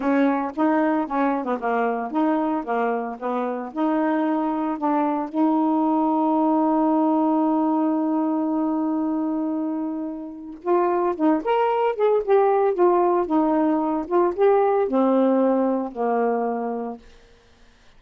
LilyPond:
\new Staff \with { instrumentName = "saxophone" } { \time 4/4 \tempo 4 = 113 cis'4 dis'4 cis'8. b16 ais4 | dis'4 ais4 b4 dis'4~ | dis'4 d'4 dis'2~ | dis'1~ |
dis'1 | f'4 dis'8 ais'4 gis'8 g'4 | f'4 dis'4. f'8 g'4 | c'2 ais2 | }